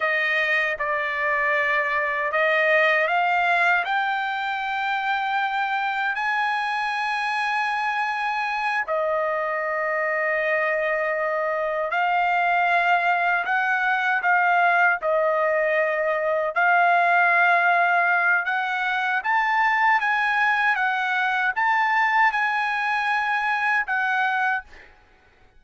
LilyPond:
\new Staff \with { instrumentName = "trumpet" } { \time 4/4 \tempo 4 = 78 dis''4 d''2 dis''4 | f''4 g''2. | gis''2.~ gis''8 dis''8~ | dis''2.~ dis''8 f''8~ |
f''4. fis''4 f''4 dis''8~ | dis''4. f''2~ f''8 | fis''4 a''4 gis''4 fis''4 | a''4 gis''2 fis''4 | }